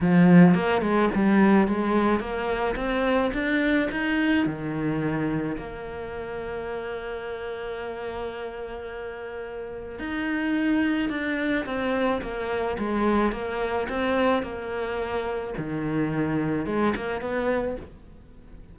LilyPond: \new Staff \with { instrumentName = "cello" } { \time 4/4 \tempo 4 = 108 f4 ais8 gis8 g4 gis4 | ais4 c'4 d'4 dis'4 | dis2 ais2~ | ais1~ |
ais2 dis'2 | d'4 c'4 ais4 gis4 | ais4 c'4 ais2 | dis2 gis8 ais8 b4 | }